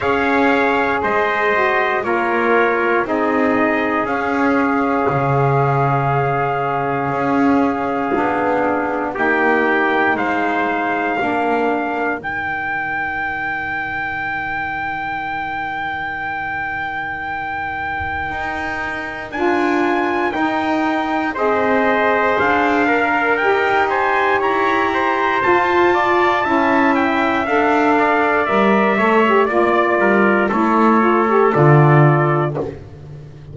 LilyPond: <<
  \new Staff \with { instrumentName = "trumpet" } { \time 4/4 \tempo 4 = 59 f''4 dis''4 cis''4 dis''4 | f''1~ | f''4 g''4 f''2 | g''1~ |
g''2. gis''4 | g''4 dis''4 f''4 g''8 gis''8 | ais''4 a''4. g''8 f''4 | e''4 d''4 cis''4 d''4 | }
  \new Staff \with { instrumentName = "trumpet" } { \time 4/4 cis''4 c''4 ais'4 gis'4~ | gis'1~ | gis'4 g'4 c''4 ais'4~ | ais'1~ |
ais'1~ | ais'4 c''4. ais'4 c''8 | cis''8 c''4 d''8 e''4. d''8~ | d''8 cis''8 d''8 ais'8 a'2 | }
  \new Staff \with { instrumentName = "saxophone" } { \time 4/4 gis'4. fis'8 f'4 dis'4 | cis'1 | d'4 dis'2 d'4 | dis'1~ |
dis'2. f'4 | dis'4 gis'4. ais'8 g'4~ | g'4 f'4 e'4 a'4 | ais'8 a'16 g'16 f'4 e'8 f'16 g'16 f'4 | }
  \new Staff \with { instrumentName = "double bass" } { \time 4/4 cis'4 gis4 ais4 c'4 | cis'4 cis2 cis'4 | b4 ais4 gis4 ais4 | dis1~ |
dis2 dis'4 d'4 | dis'4 c'4 d'4 dis'4 | e'4 f'4 cis'4 d'4 | g8 a8 ais8 g8 a4 d4 | }
>>